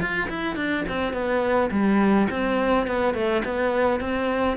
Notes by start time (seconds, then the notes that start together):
0.00 F4
0.29 E4
0.56 D4
0.89 C4
1.13 B3
1.71 G3
2.30 C4
2.87 B3
3.14 A3
3.44 B3
4.00 C4